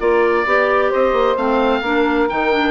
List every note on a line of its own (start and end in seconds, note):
0.00 0.46 A#3
0.00 0.46 F4
0.00 0.48 A#4
0.00 0.93 D5
0.46 0.92 B3
0.46 1.37 G4
0.46 0.89 D5
0.89 1.13 C4
0.89 1.81 C5
0.89 1.37 D#5
1.13 1.36 A#3
1.37 1.81 A3
1.37 1.83 C4
1.37 2.29 F5
1.81 2.27 A#3
1.81 2.30 D4
1.81 2.71 A#4
2.30 2.71 D#3
2.30 2.52 D#4
2.30 2.71 G5
2.52 2.71 D4